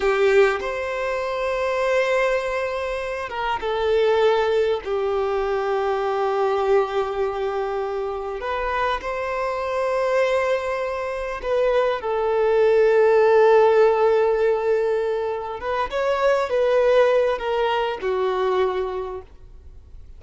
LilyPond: \new Staff \with { instrumentName = "violin" } { \time 4/4 \tempo 4 = 100 g'4 c''2.~ | c''4. ais'8 a'2 | g'1~ | g'2 b'4 c''4~ |
c''2. b'4 | a'1~ | a'2 b'8 cis''4 b'8~ | b'4 ais'4 fis'2 | }